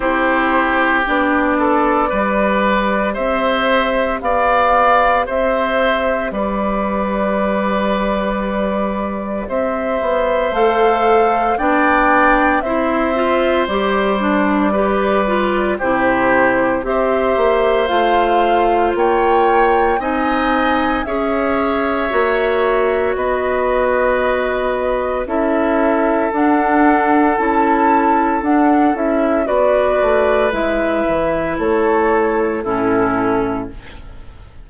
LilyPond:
<<
  \new Staff \with { instrumentName = "flute" } { \time 4/4 \tempo 4 = 57 c''4 d''2 e''4 | f''4 e''4 d''2~ | d''4 e''4 f''4 g''4 | e''4 d''2 c''4 |
e''4 f''4 g''4 gis''4 | e''2 dis''2 | e''4 fis''4 a''4 fis''8 e''8 | d''4 e''4 cis''4 a'4 | }
  \new Staff \with { instrumentName = "oboe" } { \time 4/4 g'4. a'8 b'4 c''4 | d''4 c''4 b'2~ | b'4 c''2 d''4 | c''2 b'4 g'4 |
c''2 cis''4 dis''4 | cis''2 b'2 | a'1 | b'2 a'4 e'4 | }
  \new Staff \with { instrumentName = "clarinet" } { \time 4/4 e'4 d'4 g'2~ | g'1~ | g'2 a'4 d'4 | e'8 f'8 g'8 d'8 g'8 f'8 e'4 |
g'4 f'2 dis'4 | gis'4 fis'2. | e'4 d'4 e'4 d'8 e'8 | fis'4 e'2 cis'4 | }
  \new Staff \with { instrumentName = "bassoon" } { \time 4/4 c'4 b4 g4 c'4 | b4 c'4 g2~ | g4 c'8 b8 a4 b4 | c'4 g2 c4 |
c'8 ais8 a4 ais4 c'4 | cis'4 ais4 b2 | cis'4 d'4 cis'4 d'8 cis'8 | b8 a8 gis8 e8 a4 a,4 | }
>>